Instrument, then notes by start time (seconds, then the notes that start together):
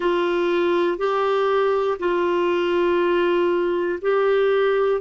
clarinet
0.00 F4
0.98 G4
1.99 F4
4.01 G4